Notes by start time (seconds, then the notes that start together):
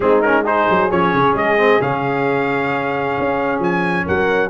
0.00 G#3 C4 D#4 G#4
0.21 C#4 A#4
0.43 D#4 G#4 C5
0.70 F#3
0.91 F3 C#4 C#5
1.14 C#3
1.34 G#3 D#5
1.57 C4
1.80 C#3 C#4 F5
3.18 C#4
3.59 F3 G#5
4.05 F#3 A#4 F#5